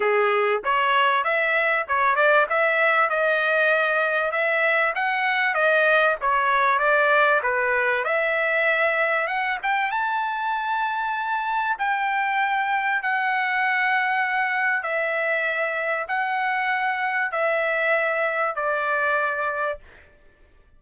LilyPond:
\new Staff \with { instrumentName = "trumpet" } { \time 4/4 \tempo 4 = 97 gis'4 cis''4 e''4 cis''8 d''8 | e''4 dis''2 e''4 | fis''4 dis''4 cis''4 d''4 | b'4 e''2 fis''8 g''8 |
a''2. g''4~ | g''4 fis''2. | e''2 fis''2 | e''2 d''2 | }